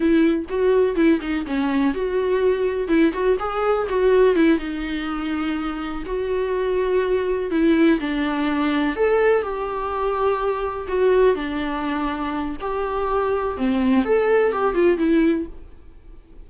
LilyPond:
\new Staff \with { instrumentName = "viola" } { \time 4/4 \tempo 4 = 124 e'4 fis'4 e'8 dis'8 cis'4 | fis'2 e'8 fis'8 gis'4 | fis'4 e'8 dis'2~ dis'8~ | dis'8 fis'2. e'8~ |
e'8 d'2 a'4 g'8~ | g'2~ g'8 fis'4 d'8~ | d'2 g'2 | c'4 a'4 g'8 f'8 e'4 | }